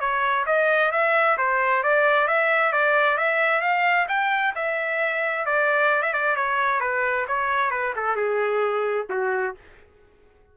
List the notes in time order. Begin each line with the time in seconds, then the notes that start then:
0.00 C#5
0.46 D#5
0.92 E5
1.38 C5
1.83 D5
2.28 E5
2.73 D5
3.18 E5
3.61 F5
4.08 G5
4.55 E5
5.46 D5
6.02 E5
6.13 D5
6.36 C#5
6.81 B4
7.28 C#5
7.71 B4
7.96 A4
8.16 G#4
9.10 F#4